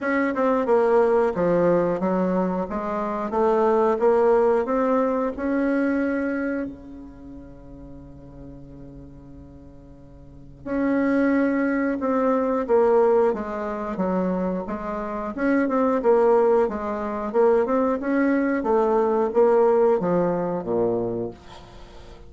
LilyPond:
\new Staff \with { instrumentName = "bassoon" } { \time 4/4 \tempo 4 = 90 cis'8 c'8 ais4 f4 fis4 | gis4 a4 ais4 c'4 | cis'2 cis2~ | cis1 |
cis'2 c'4 ais4 | gis4 fis4 gis4 cis'8 c'8 | ais4 gis4 ais8 c'8 cis'4 | a4 ais4 f4 ais,4 | }